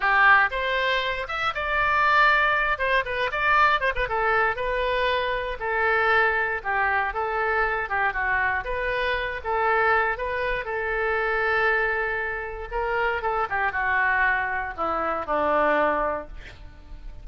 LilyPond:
\new Staff \with { instrumentName = "oboe" } { \time 4/4 \tempo 4 = 118 g'4 c''4. e''8 d''4~ | d''4. c''8 b'8 d''4 c''16 b'16 | a'4 b'2 a'4~ | a'4 g'4 a'4. g'8 |
fis'4 b'4. a'4. | b'4 a'2.~ | a'4 ais'4 a'8 g'8 fis'4~ | fis'4 e'4 d'2 | }